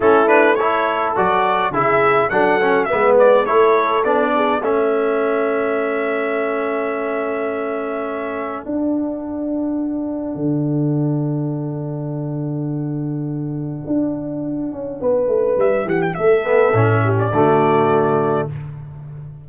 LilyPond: <<
  \new Staff \with { instrumentName = "trumpet" } { \time 4/4 \tempo 4 = 104 a'8 b'8 cis''4 d''4 e''4 | fis''4 e''8 d''8 cis''4 d''4 | e''1~ | e''2. fis''4~ |
fis''1~ | fis''1~ | fis''2. e''8 fis''16 g''16 | e''4.~ e''16 d''2~ d''16 | }
  \new Staff \with { instrumentName = "horn" } { \time 4/4 e'4 a'2 gis'4 | a'4 b'4 a'4. gis'8 | a'1~ | a'1~ |
a'1~ | a'1~ | a'2 b'4. g'8 | a'4. g'8 fis'2 | }
  \new Staff \with { instrumentName = "trombone" } { \time 4/4 cis'8 d'8 e'4 fis'4 e'4 | d'8 cis'8 b4 e'4 d'4 | cis'1~ | cis'2. d'4~ |
d'1~ | d'1~ | d'1~ | d'8 b8 cis'4 a2 | }
  \new Staff \with { instrumentName = "tuba" } { \time 4/4 a2 fis4 cis4 | fis4 gis4 a4 b4 | a1~ | a2. d'4~ |
d'2 d2~ | d1 | d'4. cis'8 b8 a8 g8 e8 | a4 a,4 d2 | }
>>